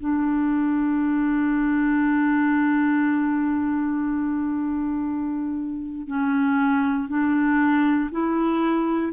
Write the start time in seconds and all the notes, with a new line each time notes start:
0.00 D4
6.08 C#4
7.09 D4
8.12 E4